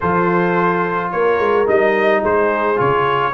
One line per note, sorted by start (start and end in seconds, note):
0.00 1.12 F3
0.00 1.66 F4
0.00 1.12 A4
0.00 1.11 C5
1.11 1.39 A#3
1.11 2.20 A#4
1.11 1.66 C#5
1.39 1.67 G#3
1.66 2.23 G3
1.66 2.76 D#4
1.66 2.23 D#5
2.20 2.79 G#3
2.20 3.32 G#4
2.20 2.79 C5
2.76 3.33 C#3
2.76 3.31 F4
2.76 3.33 C#5